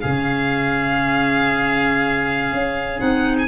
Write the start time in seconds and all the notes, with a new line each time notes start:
0.00 C#3 C#4 G#4 F5
2.52 C#4
2.99 C4 D#4 F#5
3.38 G#5